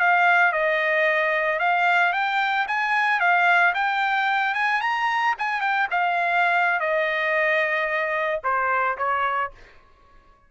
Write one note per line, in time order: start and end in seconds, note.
0.00 0.52 F5
0.52 1.59 D#5
1.59 2.13 F5
2.13 2.67 G5
2.68 3.20 G#5
3.20 3.74 F5
3.75 4.55 G5
4.55 4.81 G#5
4.81 5.35 A#5
5.38 5.61 G#5
5.61 5.88 G5
5.91 6.80 F5
6.80 8.41 D#5
8.44 8.97 C5
8.98 9.51 C#5